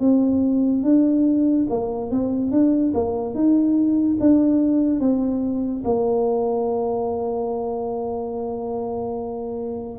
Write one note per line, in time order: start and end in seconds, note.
0.00 0.83 C4
0.83 1.66 D4
1.69 2.10 A#3
2.10 2.51 C4
2.51 2.92 D4
2.94 3.34 A#3
3.34 4.17 D#4
4.20 5.00 D4
5.00 5.83 C4
5.84 9.98 A#3